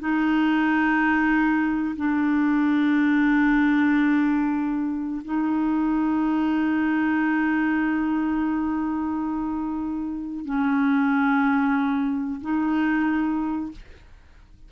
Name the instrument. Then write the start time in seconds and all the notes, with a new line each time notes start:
clarinet
0.00 D#4
1.97 D4
5.25 D#4
10.45 C#4
12.42 D#4